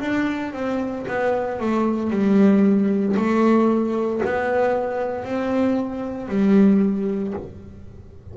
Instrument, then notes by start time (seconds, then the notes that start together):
double bass
0.00 D4
0.53 C4
1.08 B3
1.60 A3
2.11 G3
3.16 A3
4.25 B3
5.24 C4
6.29 G3